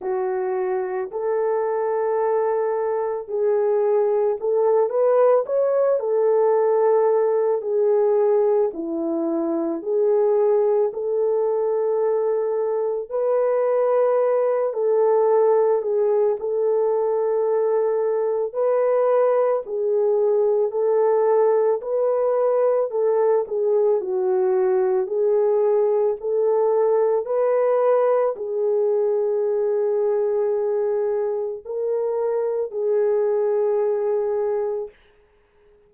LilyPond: \new Staff \with { instrumentName = "horn" } { \time 4/4 \tempo 4 = 55 fis'4 a'2 gis'4 | a'8 b'8 cis''8 a'4. gis'4 | e'4 gis'4 a'2 | b'4. a'4 gis'8 a'4~ |
a'4 b'4 gis'4 a'4 | b'4 a'8 gis'8 fis'4 gis'4 | a'4 b'4 gis'2~ | gis'4 ais'4 gis'2 | }